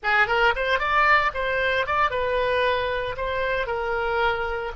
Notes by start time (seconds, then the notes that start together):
0.03 G#4
0.27 A#4
0.55 C5
0.79 D5
1.33 C5
1.86 D5
2.10 B4
3.16 C5
3.67 A#4